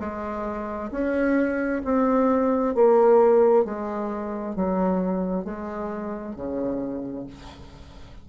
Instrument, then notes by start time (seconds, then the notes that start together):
bassoon
0.00 G#3
0.91 C#4
1.85 C4
2.75 A#3
3.65 G#3
4.56 F#3
5.45 G#3
6.36 C#3